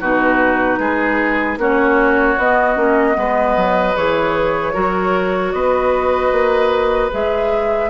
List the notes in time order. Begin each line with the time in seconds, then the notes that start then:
0.00 B2 D#4 F#4 B4
0.78 G#3 G#4
1.57 A#3 C#4 F#4 C#5
2.37 B3 D#5
2.76 A#3 C#4
3.14 G#3 B3 B4
3.56 F#3
3.96 E3 G#4 C#5
4.73 F#3 F#4 A#4
5.52 B3 B4 D#5
6.32 A#3
7.11 G#3 G#4 E5